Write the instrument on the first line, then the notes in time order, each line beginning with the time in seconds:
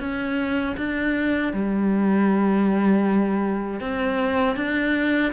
cello
0.00 C#4
0.77 D4
1.53 G3
3.81 C4
4.57 D4